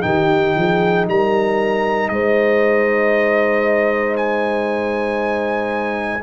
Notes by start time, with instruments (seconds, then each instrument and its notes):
0.00 tuba D#3, trombone D#4, horn G4, trumpet G5
0.56 tuba F3, horn G#4
1.08 tuba G3, horn A#4, trumpet A#5
2.08 tuba G#3, horn C5, trumpet D#5
4.16 trumpet G#5